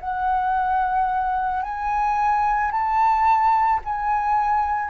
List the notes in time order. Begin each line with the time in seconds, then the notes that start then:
0.00 F#5
1.62 G#5
2.71 A5
3.84 G#5